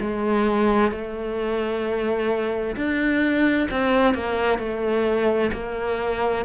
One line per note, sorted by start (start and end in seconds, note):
0.00 0.91 G#3
0.91 2.76 A3
2.76 3.68 D4
3.70 4.14 C4
4.14 4.59 A#3
4.59 5.51 A3
5.53 6.45 A#3